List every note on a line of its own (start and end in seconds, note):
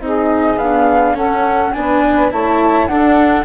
0.00 0.58 C4
0.00 0.57 D#4
0.00 1.14 G#4
0.00 0.58 D#5
0.57 1.14 B3
0.57 1.18 D4
0.57 1.16 F5
1.14 1.72 C#4
1.14 1.76 C#4
1.14 1.72 A4
1.14 1.72 F#5
1.72 2.33 B3
1.72 2.31 D4
1.72 2.32 B4
1.72 2.30 G#5
2.31 2.87 A3
2.31 2.89 E4
2.31 2.88 C#5
2.31 2.87 A5
2.87 3.45 D4
2.87 3.45 A4
2.87 3.45 F#5